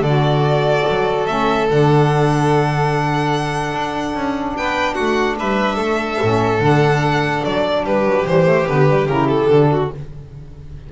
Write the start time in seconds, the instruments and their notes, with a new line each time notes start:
0.00 double bass D3, violin A4 D5
0.06 saxophone F#4
0.89 double bass F#3
1.26 double bass A3, saxophone C#4, violin E5
1.68 double bass D3, saxophone D4, violin F#5
3.72 double bass D4
4.14 double bass C#4
4.56 double bass B3, violin B4 G5
4.94 double bass A3, violin F#4 F#5
5.39 double bass G3, violin B4 E5
5.75 double bass A3, violin A4
6.21 double bass A2, saxophone C#4
6.60 double bass D3, saxophone D4, violin F#5
7.44 double bass F#3, violin D5
7.84 double bass G3, violin G4 B4
8.04 double bass F#3
8.25 double bass E3, saxophone G3, violin C5
8.44 saxophone A3
8.66 double bass D3, saxophone B3, violin B4
8.87 saxophone G3
9.07 double bass C#3, saxophone E4, violin A#4
9.28 violin A4
9.48 double bass D3, saxophone D4
9.71 violin F#4